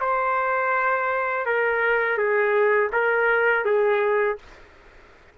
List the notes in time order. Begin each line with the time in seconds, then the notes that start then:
0.00 C5
1.46 A#4
2.18 G#4
2.92 A#4
3.65 G#4